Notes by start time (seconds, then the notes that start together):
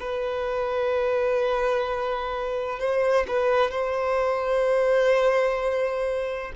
0.00 B4
2.80 C5
3.28 B4
3.72 C5